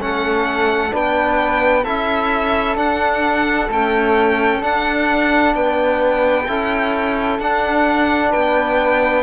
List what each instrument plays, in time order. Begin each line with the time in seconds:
0.00 cello A3, trombone C#4, flute A4, violin F#5
0.91 cello B3, trombone D4, flute B4, violin G5
1.84 cello C#4, trombone E4, flute A4, violin E5
2.76 trombone D4, cello D4, violin F#5
3.69 trombone A3, cello C#4, violin G5
4.61 trombone D4, cello D4, violin F#5
5.55 cello B3, flute B4, violin G5
6.48 cello C#4, trombone E4, flute A4
7.39 cello D4, trombone D4, violin F#5
8.31 cello B3, flute B4, violin G5